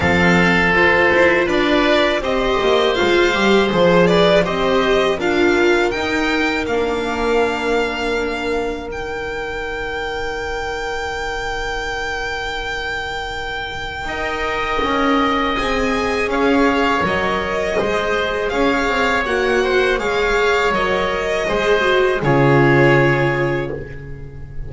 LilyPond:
<<
  \new Staff \with { instrumentName = "violin" } { \time 4/4 \tempo 4 = 81 f''4 c''4 d''4 dis''4 | f''4 c''8 d''8 dis''4 f''4 | g''4 f''2. | g''1~ |
g''1~ | g''4 gis''4 f''4 dis''4~ | dis''4 f''4 fis''4 f''4 | dis''2 cis''2 | }
  \new Staff \with { instrumentName = "oboe" } { \time 4/4 a'2 b'4 c''4~ | c''4. b'8 c''4 ais'4~ | ais'1~ | ais'1~ |
ais'2. dis''4~ | dis''2 cis''2 | c''4 cis''4. c''8 cis''4~ | cis''4 c''4 gis'2 | }
  \new Staff \with { instrumentName = "viola" } { \time 4/4 c'4 f'2 g'4 | f'8 g'8 gis'4 g'4 f'4 | dis'4 d'2. | dis'1~ |
dis'2. ais'4~ | ais'4 gis'2 ais'4 | gis'2 fis'4 gis'4 | ais'4 gis'8 fis'8 f'2 | }
  \new Staff \with { instrumentName = "double bass" } { \time 4/4 f4 f'8 e'8 d'4 c'8 ais8 | gis8 g8 f4 c'4 d'4 | dis'4 ais2. | dis1~ |
dis2. dis'4 | cis'4 c'4 cis'4 fis4 | gis4 cis'8 c'8 ais4 gis4 | fis4 gis4 cis2 | }
>>